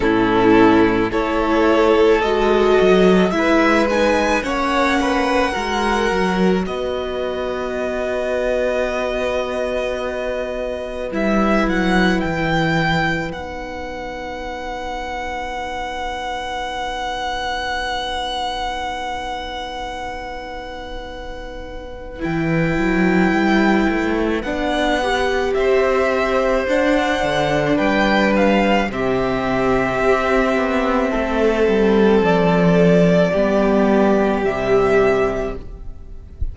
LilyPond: <<
  \new Staff \with { instrumentName = "violin" } { \time 4/4 \tempo 4 = 54 a'4 cis''4 dis''4 e''8 gis''8 | fis''2 dis''2~ | dis''2 e''8 fis''8 g''4 | fis''1~ |
fis''1 | g''2 fis''4 e''4 | fis''4 g''8 f''8 e''2~ | e''4 d''2 e''4 | }
  \new Staff \with { instrumentName = "violin" } { \time 4/4 e'4 a'2 b'4 | cis''8 b'8 ais'4 b'2~ | b'1~ | b'1~ |
b'1~ | b'2. c''4~ | c''4 b'4 g'2 | a'2 g'2 | }
  \new Staff \with { instrumentName = "viola" } { \time 4/4 cis'4 e'4 fis'4 e'8 dis'8 | cis'4 fis'2.~ | fis'2 e'2 | dis'1~ |
dis'1 | e'2 d'8 g'4. | d'2 c'2~ | c'2 b4 g4 | }
  \new Staff \with { instrumentName = "cello" } { \time 4/4 a,4 a4 gis8 fis8 gis4 | ais4 gis8 fis8 b2~ | b2 g8 fis8 e4 | b1~ |
b1 | e8 fis8 g8 a8 b4 c'4 | d'8 d8 g4 c4 c'8 b8 | a8 g8 f4 g4 c4 | }
>>